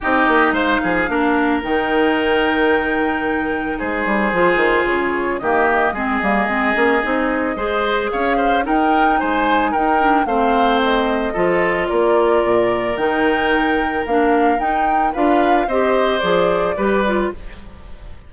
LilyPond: <<
  \new Staff \with { instrumentName = "flute" } { \time 4/4 \tempo 4 = 111 dis''4 f''2 g''4~ | g''2. c''4~ | c''4 cis''4 dis''2~ | dis''2. f''4 |
g''4 gis''4 g''4 f''4 | dis''2 d''2 | g''2 f''4 g''4 | f''4 dis''4 d''2 | }
  \new Staff \with { instrumentName = "oboe" } { \time 4/4 g'4 c''8 gis'8 ais'2~ | ais'2. gis'4~ | gis'2 g'4 gis'4~ | gis'2 c''4 cis''8 c''8 |
ais'4 c''4 ais'4 c''4~ | c''4 a'4 ais'2~ | ais'1 | b'4 c''2 b'4 | }
  \new Staff \with { instrumentName = "clarinet" } { \time 4/4 dis'2 d'4 dis'4~ | dis'1 | f'2 ais4 c'8 ais8 | c'8 cis'8 dis'4 gis'2 |
dis'2~ dis'8 d'8 c'4~ | c'4 f'2. | dis'2 d'4 dis'4 | f'4 g'4 gis'4 g'8 f'8 | }
  \new Staff \with { instrumentName = "bassoon" } { \time 4/4 c'8 ais8 gis8 f8 ais4 dis4~ | dis2. gis8 g8 | f8 dis8 cis4 dis4 gis8 g8 | gis8 ais8 c'4 gis4 cis'4 |
dis'4 gis4 dis'4 a4~ | a4 f4 ais4 ais,4 | dis2 ais4 dis'4 | d'4 c'4 f4 g4 | }
>>